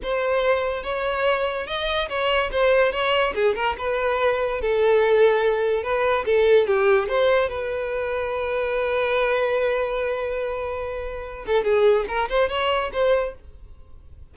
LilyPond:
\new Staff \with { instrumentName = "violin" } { \time 4/4 \tempo 4 = 144 c''2 cis''2 | dis''4 cis''4 c''4 cis''4 | gis'8 ais'8 b'2 a'4~ | a'2 b'4 a'4 |
g'4 c''4 b'2~ | b'1~ | b'2.~ b'8 a'8 | gis'4 ais'8 c''8 cis''4 c''4 | }